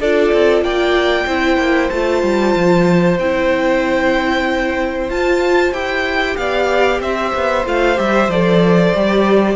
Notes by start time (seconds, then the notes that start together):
0.00 D4 F4 A4 D5
0.33 C4
0.61 A#3 D5 G5
1.26 C4 E4 C5
1.57 A#3
1.90 A3 F4 A5
2.23 G3
2.55 F3
3.19 C4 E4 G5
5.09 F4 A5
5.72 E4 G4 G5
6.36 B3 D5 F5
7.00 C4 C5 E5
7.34 B3
7.65 A3 F4 F5
7.95 G3 G4 E5
8.28 F3 A4 D5
8.95 G3 G4